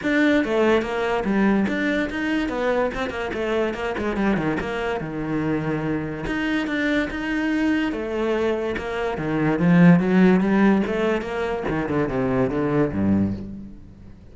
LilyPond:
\new Staff \with { instrumentName = "cello" } { \time 4/4 \tempo 4 = 144 d'4 a4 ais4 g4 | d'4 dis'4 b4 c'8 ais8 | a4 ais8 gis8 g8 dis8 ais4 | dis2. dis'4 |
d'4 dis'2 a4~ | a4 ais4 dis4 f4 | fis4 g4 a4 ais4 | dis8 d8 c4 d4 g,4 | }